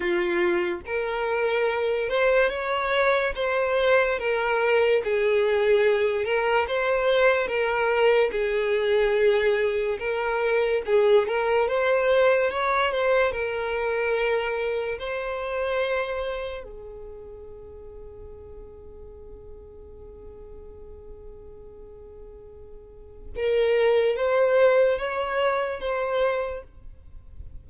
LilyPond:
\new Staff \with { instrumentName = "violin" } { \time 4/4 \tempo 4 = 72 f'4 ais'4. c''8 cis''4 | c''4 ais'4 gis'4. ais'8 | c''4 ais'4 gis'2 | ais'4 gis'8 ais'8 c''4 cis''8 c''8 |
ais'2 c''2 | gis'1~ | gis'1 | ais'4 c''4 cis''4 c''4 | }